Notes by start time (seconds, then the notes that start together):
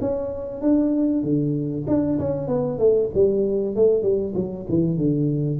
0.00 C#4
0.61 D4
1.23 D3
1.87 D4
2.18 C#4
2.47 B3
2.78 A3
3.14 G3
3.75 A3
4.02 G3
4.35 F#3
4.68 E3
4.97 D3